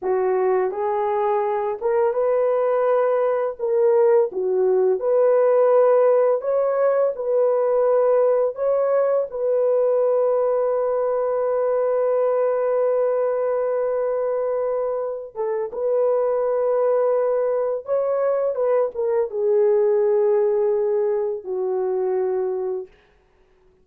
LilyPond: \new Staff \with { instrumentName = "horn" } { \time 4/4 \tempo 4 = 84 fis'4 gis'4. ais'8 b'4~ | b'4 ais'4 fis'4 b'4~ | b'4 cis''4 b'2 | cis''4 b'2.~ |
b'1~ | b'4. a'8 b'2~ | b'4 cis''4 b'8 ais'8 gis'4~ | gis'2 fis'2 | }